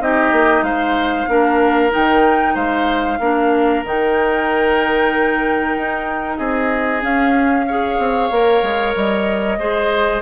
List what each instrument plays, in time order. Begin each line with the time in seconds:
0.00 bassoon C4, clarinet D#4, oboe G4, flute D#5
0.32 bassoon A#3
0.62 bassoon G#3, oboe C5, flute F5
1.28 bassoon A#3, clarinet D4, oboe A#4
1.90 clarinet D#4, flute G5
1.96 bassoon D#3
2.54 bassoon G#3, oboe C5, flute F5
3.19 bassoon A#3, clarinet D4, oboe A#4
3.84 bassoon D#3, clarinet D#4, flute G5
5.76 bassoon D#4
6.37 bassoon C4, oboe G#4, flute D#5
7.01 clarinet C#4, bassoon C#4, flute F5
7.67 clarinet G#4, oboe C#5
7.98 bassoon C4
8.30 bassoon A#3, clarinet A#4
8.62 bassoon G#3
8.96 bassoon G3, flute D#5
9.58 bassoon G#3, clarinet G#4, oboe C5